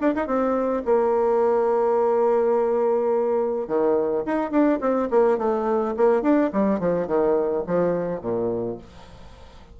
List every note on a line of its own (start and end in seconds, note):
0.00 0.14 D4
0.15 0.26 D#4
0.26 0.83 C4
0.85 3.67 A#3
3.67 4.24 D#3
4.25 4.51 D#4
4.51 4.79 D4
4.80 5.09 C4
5.10 5.38 A#3
5.38 5.94 A3
5.96 6.22 A#3
6.22 6.50 D4
6.52 6.79 G3
6.79 7.07 F3
7.07 7.63 D#3
7.67 8.21 F3
8.21 8.77 A#2